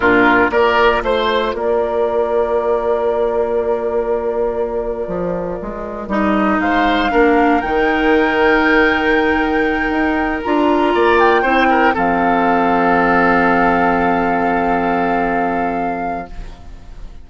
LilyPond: <<
  \new Staff \with { instrumentName = "flute" } { \time 4/4 \tempo 4 = 118 ais'4 d''4 c''4 d''4~ | d''1~ | d''1 | dis''4 f''2 g''4~ |
g''1~ | g''8 ais''4. g''4. f''8~ | f''1~ | f''1 | }
  \new Staff \with { instrumentName = "oboe" } { \time 4/4 f'4 ais'4 c''4 ais'4~ | ais'1~ | ais'1~ | ais'4 c''4 ais'2~ |
ais'1~ | ais'4. d''4 c''8 ais'8 a'8~ | a'1~ | a'1 | }
  \new Staff \with { instrumentName = "clarinet" } { \time 4/4 d'4 f'2.~ | f'1~ | f'1 | dis'2 d'4 dis'4~ |
dis'1~ | dis'8 f'2 e'4 c'8~ | c'1~ | c'1 | }
  \new Staff \with { instrumentName = "bassoon" } { \time 4/4 ais,4 ais4 a4 ais4~ | ais1~ | ais2 f4 gis4 | g4 gis4 ais4 dis4~ |
dis2.~ dis8 dis'8~ | dis'8 d'4 ais4 c'4 f8~ | f1~ | f1 | }
>>